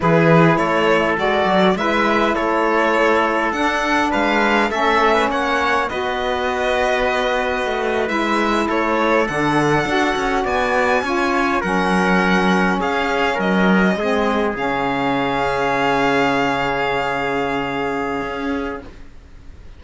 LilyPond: <<
  \new Staff \with { instrumentName = "violin" } { \time 4/4 \tempo 4 = 102 b'4 cis''4 d''4 e''4 | cis''2 fis''4 f''4 | e''4 fis''4 dis''2~ | dis''4.~ dis''16 e''4 cis''4 fis''16~ |
fis''4.~ fis''16 gis''2 fis''16~ | fis''4.~ fis''16 f''4 dis''4~ dis''16~ | dis''8. f''2.~ f''16~ | f''1 | }
  \new Staff \with { instrumentName = "trumpet" } { \time 4/4 gis'4 a'2 b'4 | a'2. b'4 | a'8. b'16 cis''4 b'2~ | b'2~ b'8. a'4~ a'16~ |
a'4.~ a'16 d''4 cis''4 ais'16~ | ais'4.~ ais'16 gis'4 ais'4 gis'16~ | gis'1~ | gis'1 | }
  \new Staff \with { instrumentName = "saxophone" } { \time 4/4 e'2 fis'4 e'4~ | e'2 d'2 | cis'2 fis'2~ | fis'4.~ fis'16 e'2 d'16~ |
d'8. fis'2 f'4 cis'16~ | cis'2.~ cis'8. c'16~ | c'8. cis'2.~ cis'16~ | cis'1 | }
  \new Staff \with { instrumentName = "cello" } { \time 4/4 e4 a4 gis8 fis8 gis4 | a2 d'4 gis4 | a4 ais4 b2~ | b4 a8. gis4 a4 d16~ |
d8. d'8 cis'8 b4 cis'4 fis16~ | fis4.~ fis16 cis'4 fis4 gis16~ | gis8. cis2.~ cis16~ | cis2. cis'4 | }
>>